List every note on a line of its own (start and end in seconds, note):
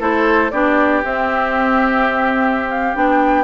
0.00 0.51 A3
0.00 0.51 E4
0.00 0.52 A4
0.00 0.51 C5
0.51 1.04 B3
0.51 1.04 D4
0.51 3.45 G4
0.51 1.02 D5
1.04 2.95 C4
1.04 2.96 C4
1.04 2.70 E5
2.70 2.96 F5
2.95 3.45 B3
2.95 3.45 D4
2.95 3.45 G5